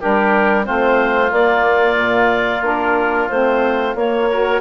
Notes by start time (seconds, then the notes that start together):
0.00 G3 D4 G4 A#4
0.63 A3 C4 F4 C5
1.31 A#3 D5
1.97 A#2
2.61 A#3 D4 A#4
3.29 A3 C4 C5
3.95 A#3 C#5
4.31 F#4 A#4